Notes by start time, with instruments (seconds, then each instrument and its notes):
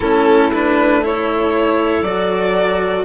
0.00 bassoon A3, cello C#4, clarinet E4, violin A4
0.53 cello D4, violin B4
1.02 cello E4, clarinet A4, violin C#5
2.02 bassoon F#3, cello F#4, violin D5